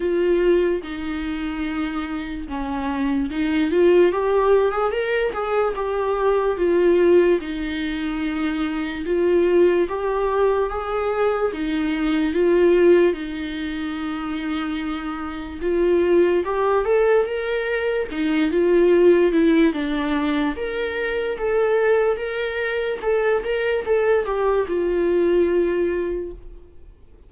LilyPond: \new Staff \with { instrumentName = "viola" } { \time 4/4 \tempo 4 = 73 f'4 dis'2 cis'4 | dis'8 f'8 g'8. gis'16 ais'8 gis'8 g'4 | f'4 dis'2 f'4 | g'4 gis'4 dis'4 f'4 |
dis'2. f'4 | g'8 a'8 ais'4 dis'8 f'4 e'8 | d'4 ais'4 a'4 ais'4 | a'8 ais'8 a'8 g'8 f'2 | }